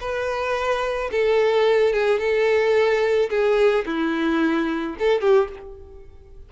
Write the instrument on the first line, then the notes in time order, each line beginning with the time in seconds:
violin
0.00 B4
1.11 A4
1.93 G#4
2.19 A4
3.30 G#4
3.86 E4
4.99 A4
5.21 G4